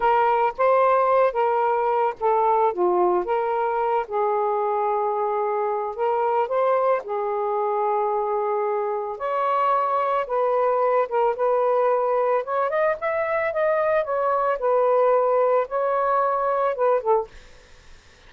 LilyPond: \new Staff \with { instrumentName = "saxophone" } { \time 4/4 \tempo 4 = 111 ais'4 c''4. ais'4. | a'4 f'4 ais'4. gis'8~ | gis'2. ais'4 | c''4 gis'2.~ |
gis'4 cis''2 b'4~ | b'8 ais'8 b'2 cis''8 dis''8 | e''4 dis''4 cis''4 b'4~ | b'4 cis''2 b'8 a'8 | }